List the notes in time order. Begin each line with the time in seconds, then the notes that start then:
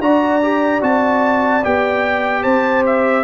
0.00 D4 F#4 D5 A#5
0.43 G4
0.81 C4 F#4 A5
1.64 B3 G4 G5
2.43 C4 C5 A5
2.86 E5